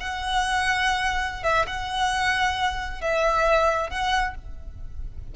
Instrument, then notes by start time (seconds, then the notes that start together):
violin
0.00 F#5
1.43 E5
1.66 F#5
3.01 E5
3.90 F#5